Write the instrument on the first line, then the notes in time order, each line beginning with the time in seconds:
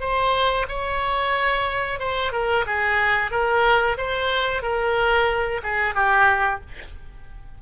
oboe
0.00 C5
0.68 C#5
1.99 C5
2.32 A#4
2.66 G#4
3.31 A#4
3.97 C5
4.62 A#4
5.63 G#4
5.95 G4